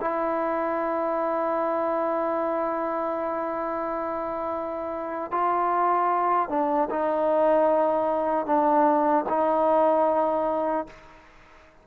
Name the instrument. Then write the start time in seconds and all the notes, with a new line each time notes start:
trombone
0.00 E4
5.31 F4
6.49 D4
6.90 D#4
8.45 D4
9.29 D#4